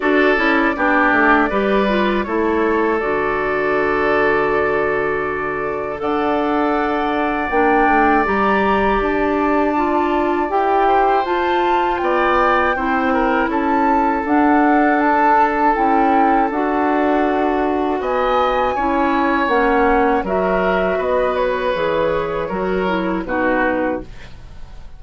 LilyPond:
<<
  \new Staff \with { instrumentName = "flute" } { \time 4/4 \tempo 4 = 80 d''2. cis''4 | d''1 | fis''2 g''4 ais''4 | a''2 g''4 a''4 |
g''2 a''4 fis''4 | a''4 g''4 fis''2 | gis''2 fis''4 e''4 | dis''8 cis''2~ cis''8 b'4 | }
  \new Staff \with { instrumentName = "oboe" } { \time 4/4 a'4 g'4 b'4 a'4~ | a'1 | d''1~ | d''2~ d''8 c''4. |
d''4 c''8 ais'8 a'2~ | a'1 | dis''4 cis''2 ais'4 | b'2 ais'4 fis'4 | }
  \new Staff \with { instrumentName = "clarinet" } { \time 4/4 fis'8 e'8 d'4 g'8 f'8 e'4 | fis'1 | a'2 d'4 g'4~ | g'4 f'4 g'4 f'4~ |
f'4 e'2 d'4~ | d'4 e'4 fis'2~ | fis'4 e'4 cis'4 fis'4~ | fis'4 gis'4 fis'8 e'8 dis'4 | }
  \new Staff \with { instrumentName = "bassoon" } { \time 4/4 d'8 cis'8 b8 a8 g4 a4 | d1 | d'2 ais8 a8 g4 | d'2 e'4 f'4 |
b4 c'4 cis'4 d'4~ | d'4 cis'4 d'2 | b4 cis'4 ais4 fis4 | b4 e4 fis4 b,4 | }
>>